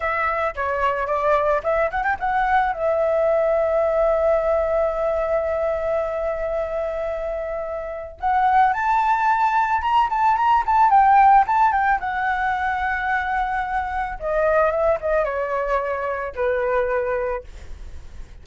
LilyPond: \new Staff \with { instrumentName = "flute" } { \time 4/4 \tempo 4 = 110 e''4 cis''4 d''4 e''8 fis''16 g''16 | fis''4 e''2.~ | e''1~ | e''2. fis''4 |
a''2 ais''8 a''8 ais''8 a''8 | g''4 a''8 g''8 fis''2~ | fis''2 dis''4 e''8 dis''8 | cis''2 b'2 | }